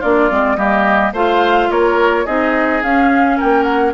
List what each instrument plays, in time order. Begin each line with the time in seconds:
0.00 bassoon A#3, clarinet D4, oboe F4, flute D5
0.30 bassoon G#3, clarinet C4
0.56 bassoon G3, clarinet A#3, oboe G4, flute D#5
1.12 bassoon A3, clarinet F4, oboe C5, flute F5
1.70 bassoon A#3, oboe A#4, flute C#5
2.25 bassoon C4, clarinet D#4, oboe G#4, flute D#5
2.82 bassoon C#4, clarinet C#4, flute F5
3.37 bassoon A#3, oboe A#4, flute G5
3.63 flute F#5